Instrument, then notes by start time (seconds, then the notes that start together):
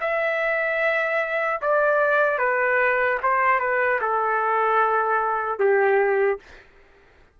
trumpet
0.00 E5
1.61 D5
2.38 B4
3.22 C5
3.59 B4
4.01 A4
5.59 G4